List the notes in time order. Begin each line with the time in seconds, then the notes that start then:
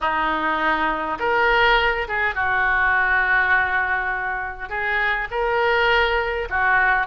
0.00 D#4
1.19 A#4
2.08 G#4
2.34 F#4
4.69 G#4
5.30 A#4
6.49 F#4